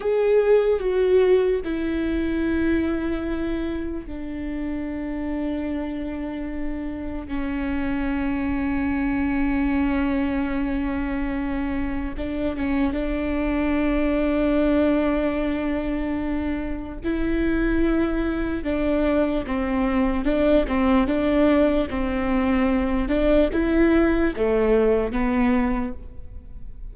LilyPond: \new Staff \with { instrumentName = "viola" } { \time 4/4 \tempo 4 = 74 gis'4 fis'4 e'2~ | e'4 d'2.~ | d'4 cis'2.~ | cis'2. d'8 cis'8 |
d'1~ | d'4 e'2 d'4 | c'4 d'8 c'8 d'4 c'4~ | c'8 d'8 e'4 a4 b4 | }